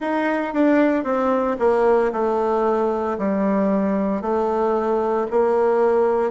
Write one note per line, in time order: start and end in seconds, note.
0.00 0.53 D#4
0.53 1.04 D4
1.04 1.56 C4
1.59 2.11 A#3
2.12 3.17 A3
3.18 4.21 G3
4.21 5.26 A3
5.30 6.30 A#3